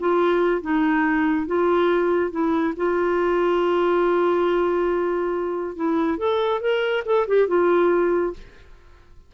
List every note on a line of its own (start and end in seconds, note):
0.00 0.61 F4
0.61 1.47 D#4
1.47 2.31 F4
2.31 2.74 E4
2.77 5.76 F4
5.76 6.18 E4
6.18 6.61 A4
6.61 7.04 A#4
7.05 7.27 A4
7.28 7.48 G4
7.48 8.34 F4